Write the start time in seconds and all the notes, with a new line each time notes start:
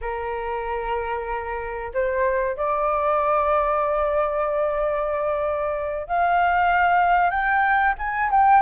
0.01 A#4
1.93 C5
2.56 D5
6.07 F5
7.30 G5
7.98 G#5
8.31 G5